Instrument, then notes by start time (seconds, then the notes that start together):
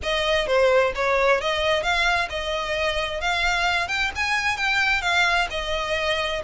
violin
0.02 D#5
0.47 C5
0.95 C#5
1.41 D#5
1.82 F5
2.29 D#5
3.20 F5
3.88 G5
4.15 G#5
4.56 G5
5.01 F5
5.50 D#5